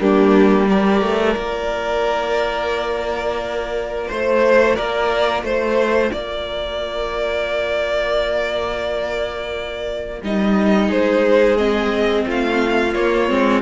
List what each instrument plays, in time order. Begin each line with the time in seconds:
0.00 cello G3, viola A#3, violin D4 G4
0.67 viola G4, violin A#4 D5
1.02 cello A3
1.35 cello A#3, viola F4
4.08 cello A3, violin C5
4.76 cello A#3, violin A#4 D5
5.43 cello A3, violin C5
6.12 cello A#3, violin A#4 D5
10.22 cello G3, viola D#4, violin D#5
10.88 cello G#3, violin G#4 C5
11.57 viola C4, violin D#5
12.26 cello A3, violin F4 F5
12.94 viola A#3, cello A#3, violin C#5
13.29 cello G#3, viola C4